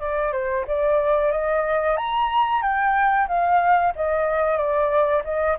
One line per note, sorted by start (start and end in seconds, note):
0.00 0.32 D5
0.32 0.65 C5
0.67 1.32 D5
1.32 1.97 D#5
1.97 2.62 A#5
2.62 3.27 G5
3.28 3.93 F5
3.96 4.57 D#5
4.57 5.22 D5
5.24 5.57 D#5